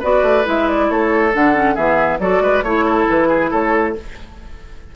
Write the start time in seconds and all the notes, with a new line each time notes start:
0.00 B3 F#4 B4 D5
0.23 A3
0.45 G#3 E4 E5
0.69 D5
0.90 A3 A4 C#5
1.33 D3 D4 F#5
1.54 C#4
1.75 E3 B3 G#4 E5
2.20 F#3 F#4 A4 D5
2.41 G#3 B4
2.63 A3 E4 C#5
2.85 A4
3.10 E3 B4
3.29 G#4
3.51 A3 A4 C#5